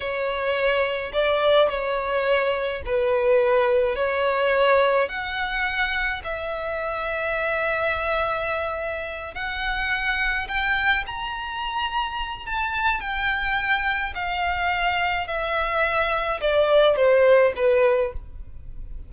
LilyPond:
\new Staff \with { instrumentName = "violin" } { \time 4/4 \tempo 4 = 106 cis''2 d''4 cis''4~ | cis''4 b'2 cis''4~ | cis''4 fis''2 e''4~ | e''1~ |
e''8 fis''2 g''4 ais''8~ | ais''2 a''4 g''4~ | g''4 f''2 e''4~ | e''4 d''4 c''4 b'4 | }